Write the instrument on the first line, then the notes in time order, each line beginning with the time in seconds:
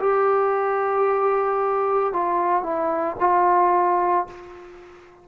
trombone
0.00 G4
2.13 F4
2.63 E4
3.20 F4